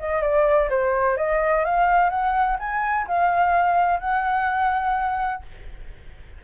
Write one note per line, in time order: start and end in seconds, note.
0.00 0.22 D#5
0.22 0.69 D5
0.70 1.18 C5
1.18 1.65 D#5
1.65 2.10 F5
2.10 2.58 F#5
2.60 3.07 G#5
3.08 4.00 F5
4.00 5.43 F#5